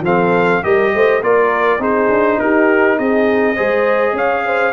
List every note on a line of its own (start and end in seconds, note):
0.00 0.59 F3
0.00 0.62 C4
0.00 0.63 A4
0.00 0.63 F5
0.62 0.94 G3
0.62 1.21 G4
0.62 0.93 A#4
0.62 1.22 D#5
0.94 1.21 A3
0.94 1.22 C5
1.21 1.78 A#3
1.21 1.79 F4
1.21 1.80 A#4
1.21 1.82 D5
1.78 2.08 C4
1.78 3.55 D#4
1.78 2.38 G#4
1.78 2.39 C5
2.09 2.38 D4
2.39 2.98 D#4
2.39 2.97 G4
2.39 2.98 A#4
2.97 3.57 C4
2.97 3.55 G#4
2.97 4.16 D#5
3.55 4.12 G#3
3.55 4.73 G#4
3.55 4.14 C5
4.12 4.71 C#4
4.12 4.44 C#5
4.12 4.73 F5
4.45 4.73 C5